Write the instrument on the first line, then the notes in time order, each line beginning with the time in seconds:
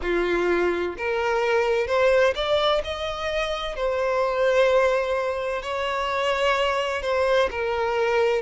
violin
0.02 F4
0.97 A#4
1.87 C5
2.35 D5
2.84 D#5
3.76 C5
5.62 C#5
7.02 C5
7.50 A#4